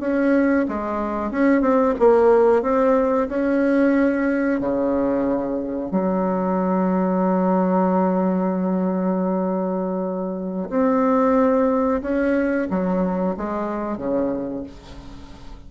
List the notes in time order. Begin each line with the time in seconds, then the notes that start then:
0.00 C#4
0.68 G#3
1.31 C#4
1.61 C4
1.99 A#3
2.62 C4
3.28 C#4
4.60 C#3
5.91 F#3
10.69 C4
12.02 C#4
12.70 F#3
13.37 G#3
13.98 C#3